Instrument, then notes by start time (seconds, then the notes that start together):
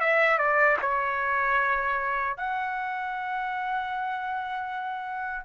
trumpet
0.00 E5
0.38 D5
0.81 C#5
2.37 F#5